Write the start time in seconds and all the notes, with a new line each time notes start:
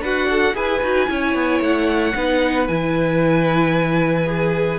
0.00 D4 F#4 B4 F#5
0.30 A4
0.54 E4 G#4 B4 G#5
0.82 D#4 F#4
1.08 C#4 E4 C#5
1.35 B3
1.61 A3 F#5
2.15 B3 D#4 B4
2.68 E3 E4 G#5
4.27 G#4